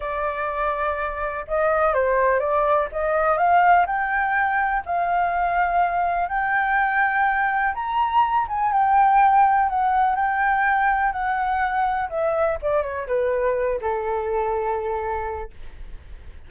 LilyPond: \new Staff \with { instrumentName = "flute" } { \time 4/4 \tempo 4 = 124 d''2. dis''4 | c''4 d''4 dis''4 f''4 | g''2 f''2~ | f''4 g''2. |
ais''4. gis''8 g''2 | fis''4 g''2 fis''4~ | fis''4 e''4 d''8 cis''8 b'4~ | b'8 a'2.~ a'8 | }